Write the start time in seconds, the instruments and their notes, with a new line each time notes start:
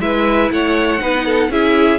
0.00 cello G#3, viola E4, violin B4 E5
0.51 cello A3, violin C#5 F#5
1.00 cello B3, viola D#4, violin B4
1.26 violin A4
1.49 cello C#4, viola E4, violin G#4 E5